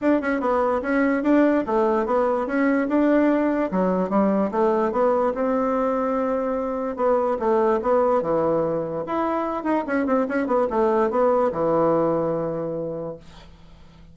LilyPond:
\new Staff \with { instrumentName = "bassoon" } { \time 4/4 \tempo 4 = 146 d'8 cis'8 b4 cis'4 d'4 | a4 b4 cis'4 d'4~ | d'4 fis4 g4 a4 | b4 c'2.~ |
c'4 b4 a4 b4 | e2 e'4. dis'8 | cis'8 c'8 cis'8 b8 a4 b4 | e1 | }